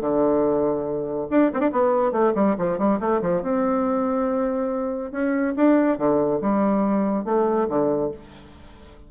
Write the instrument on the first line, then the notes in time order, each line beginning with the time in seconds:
bassoon
0.00 D3
1.30 D4
1.53 C4
1.59 D4
1.72 B3
2.11 A3
2.34 G3
2.58 F3
2.78 G3
3.00 A3
3.21 F3
3.42 C4
5.11 C#4
5.56 D4
5.97 D3
6.41 G3
7.25 A3
7.68 D3